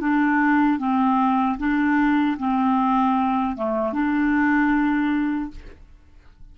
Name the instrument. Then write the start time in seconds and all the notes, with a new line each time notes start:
clarinet
0.00 D4
0.79 C4
1.58 D4
2.38 C4
3.56 A3
3.93 D4